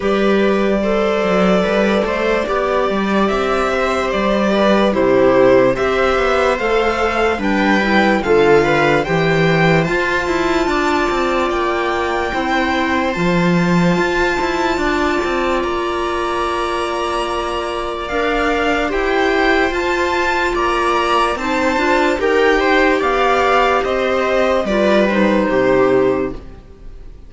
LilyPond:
<<
  \new Staff \with { instrumentName = "violin" } { \time 4/4 \tempo 4 = 73 d''1 | e''4 d''4 c''4 e''4 | f''4 g''4 f''4 g''4 | a''2 g''2 |
a''2. ais''4~ | ais''2 f''4 g''4 | a''4 ais''4 a''4 g''4 | f''4 dis''4 d''8 c''4. | }
  \new Staff \with { instrumentName = "viola" } { \time 4/4 b'4 c''4 b'8 c''8 d''4~ | d''8 c''4 b'8 g'4 c''4~ | c''4 b'4 a'8 b'8 c''4~ | c''4 d''2 c''4~ |
c''2 d''2~ | d''2. c''4~ | c''4 d''4 c''4 ais'8 c''8 | d''4 c''4 b'4 g'4 | }
  \new Staff \with { instrumentName = "clarinet" } { \time 4/4 g'4 a'2 g'4~ | g'2 e'4 g'4 | a'4 d'8 e'8 f'4 g'4 | f'2. e'4 |
f'1~ | f'2 ais'4 g'4 | f'2 dis'8 f'8 g'4~ | g'2 f'8 dis'4. | }
  \new Staff \with { instrumentName = "cello" } { \time 4/4 g4. fis8 g8 a8 b8 g8 | c'4 g4 c4 c'8 b8 | a4 g4 d4 e4 | f'8 e'8 d'8 c'8 ais4 c'4 |
f4 f'8 e'8 d'8 c'8 ais4~ | ais2 d'4 e'4 | f'4 ais4 c'8 d'8 dis'4 | b4 c'4 g4 c4 | }
>>